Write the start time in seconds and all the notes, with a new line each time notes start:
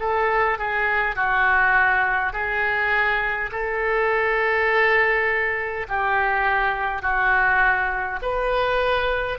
0.00 A4
0.59 G#4
1.16 F#4
2.33 G#4
3.52 A4
5.89 G4
7.02 F#4
8.22 B4